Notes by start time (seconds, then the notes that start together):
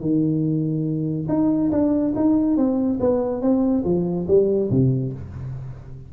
0.00 D#3
1.28 D#4
1.71 D4
2.15 D#4
2.56 C4
2.99 B3
3.41 C4
3.84 F3
4.27 G3
4.70 C3